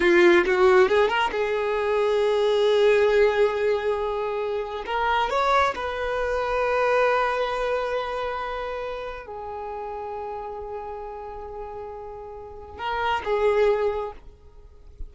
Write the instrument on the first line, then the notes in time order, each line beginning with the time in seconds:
violin
0.00 F4
0.45 F#4
0.88 G#4
1.08 A#4
1.31 G#4
4.86 A#4
5.30 C#5
5.75 B4
9.26 G#4
12.78 A#4
13.24 G#4